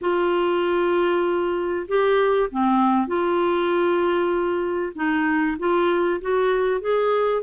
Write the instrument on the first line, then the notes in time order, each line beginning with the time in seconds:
clarinet
0.01 F4
1.88 G4
2.51 C4
3.07 F4
4.95 D#4
5.58 F4
6.21 F#4
6.80 G#4